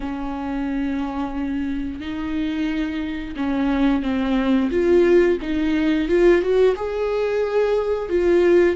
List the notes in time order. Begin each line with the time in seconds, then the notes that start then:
0.00 C#4
2.00 D#4
3.36 C#4
4.02 C4
4.70 F4
5.41 D#4
6.08 F4
6.41 F#4
6.76 G#4
8.09 F4